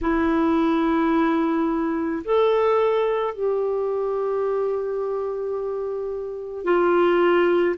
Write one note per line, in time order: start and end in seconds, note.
0.01 2.23 E4
2.24 3.34 A4
3.34 6.64 G4
6.64 7.75 F4